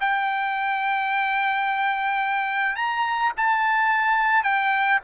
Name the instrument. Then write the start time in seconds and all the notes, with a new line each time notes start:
trumpet
0.00 G5
2.76 A#5
3.37 A5
4.43 G5